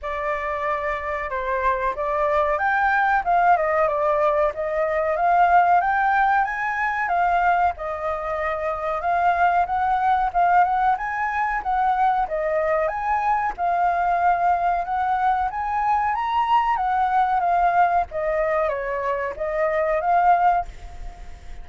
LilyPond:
\new Staff \with { instrumentName = "flute" } { \time 4/4 \tempo 4 = 93 d''2 c''4 d''4 | g''4 f''8 dis''8 d''4 dis''4 | f''4 g''4 gis''4 f''4 | dis''2 f''4 fis''4 |
f''8 fis''8 gis''4 fis''4 dis''4 | gis''4 f''2 fis''4 | gis''4 ais''4 fis''4 f''4 | dis''4 cis''4 dis''4 f''4 | }